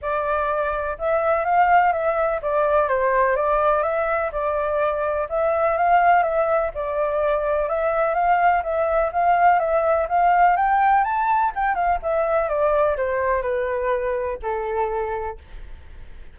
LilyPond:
\new Staff \with { instrumentName = "flute" } { \time 4/4 \tempo 4 = 125 d''2 e''4 f''4 | e''4 d''4 c''4 d''4 | e''4 d''2 e''4 | f''4 e''4 d''2 |
e''4 f''4 e''4 f''4 | e''4 f''4 g''4 a''4 | g''8 f''8 e''4 d''4 c''4 | b'2 a'2 | }